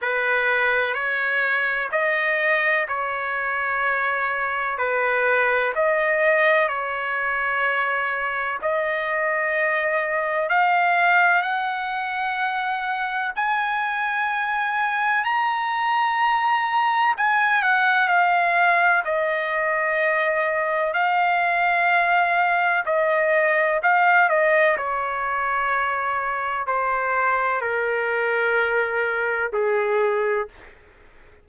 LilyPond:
\new Staff \with { instrumentName = "trumpet" } { \time 4/4 \tempo 4 = 63 b'4 cis''4 dis''4 cis''4~ | cis''4 b'4 dis''4 cis''4~ | cis''4 dis''2 f''4 | fis''2 gis''2 |
ais''2 gis''8 fis''8 f''4 | dis''2 f''2 | dis''4 f''8 dis''8 cis''2 | c''4 ais'2 gis'4 | }